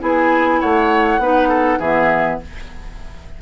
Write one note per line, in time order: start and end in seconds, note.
0.00 0.62 B3
0.00 1.20 E4
0.00 0.60 G#4
0.00 0.60 G#5
0.60 1.19 A3
0.60 1.21 C#5
0.60 1.80 F#5
1.19 1.79 B3
1.19 1.81 D#4
1.19 1.48 B4
1.48 1.78 A4
1.79 2.39 E3
1.79 2.42 B3
1.79 2.39 G#4
1.79 2.40 E5